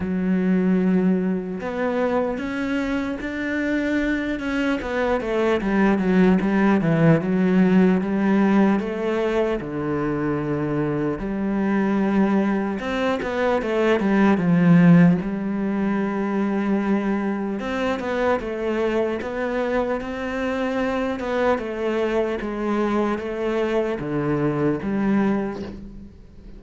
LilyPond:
\new Staff \with { instrumentName = "cello" } { \time 4/4 \tempo 4 = 75 fis2 b4 cis'4 | d'4. cis'8 b8 a8 g8 fis8 | g8 e8 fis4 g4 a4 | d2 g2 |
c'8 b8 a8 g8 f4 g4~ | g2 c'8 b8 a4 | b4 c'4. b8 a4 | gis4 a4 d4 g4 | }